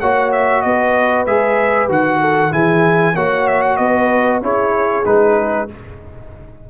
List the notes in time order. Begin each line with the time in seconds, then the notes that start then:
0.00 A#3 F#4 C#5 F#5
0.32 E5
0.62 B3 B4 D#5
1.26 G#3 G#4 E5
1.89 D#3 F#4 F#5
2.21 A4
2.51 E3 E4 G#4 G#5
3.14 A#3 F#4 C#5 F#5
3.47 E5
3.62 F#5
3.77 B3 B4 D#5
4.42 C#4 E4 G#4 C#5
5.05 G#3 D#4 B4